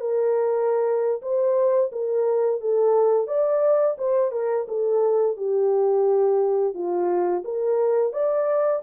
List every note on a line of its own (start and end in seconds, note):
0.00 1.21 A#4
1.22 1.91 C5
1.92 2.61 A#4
2.61 3.27 A4
3.27 3.96 D5
3.97 4.31 C5
4.31 4.66 A#4
4.68 5.37 A4
5.37 6.74 G4
6.74 7.43 F4
7.44 8.13 A#4
8.13 8.82 D5